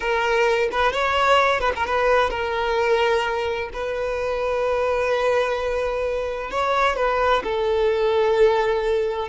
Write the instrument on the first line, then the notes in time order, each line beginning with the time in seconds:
violin
0.00 A#4
0.71 B4
0.92 C#5
1.60 B4
1.75 A#4
1.86 B4
2.30 A#4
3.73 B4
6.51 C#5
6.96 B4
7.43 A4